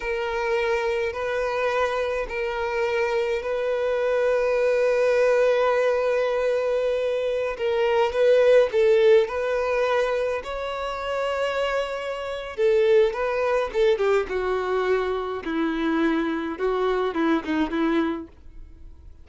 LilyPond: \new Staff \with { instrumentName = "violin" } { \time 4/4 \tempo 4 = 105 ais'2 b'2 | ais'2 b'2~ | b'1~ | b'4~ b'16 ais'4 b'4 a'8.~ |
a'16 b'2 cis''4.~ cis''16~ | cis''2 a'4 b'4 | a'8 g'8 fis'2 e'4~ | e'4 fis'4 e'8 dis'8 e'4 | }